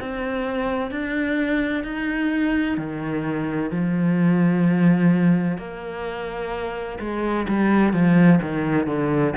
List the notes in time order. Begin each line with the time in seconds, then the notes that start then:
0.00 C4
0.91 D4
1.84 D#4
2.78 D#3
3.71 F3
5.58 A#3
7.00 G#3
7.49 G3
7.93 F3
8.42 D#3
8.87 D3